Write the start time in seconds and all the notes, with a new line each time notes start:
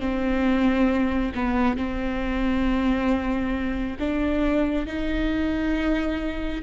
0.00 C4
1.35 B3
1.77 C4
3.99 D4
4.86 D#4